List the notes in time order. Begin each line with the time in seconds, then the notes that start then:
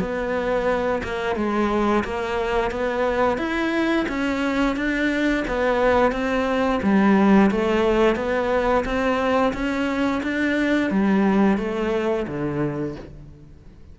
0.00 B3
1.04 A#3
1.36 G#3
2.05 A#3
2.71 B3
3.38 E4
4.09 C#4
4.76 D4
5.48 B3
6.12 C4
6.83 G3
7.52 A3
8.16 B3
8.85 C4
9.54 C#4
10.23 D4
10.91 G3
11.58 A3
12.28 D3